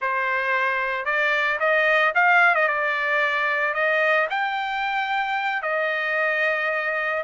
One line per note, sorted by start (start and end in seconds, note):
0.01 1.05 C5
1.05 1.58 D5
1.59 2.13 D#5
2.14 2.54 F5
2.54 2.67 D#5
2.67 3.74 D5
3.74 4.27 D#5
4.30 5.62 G5
5.62 7.23 D#5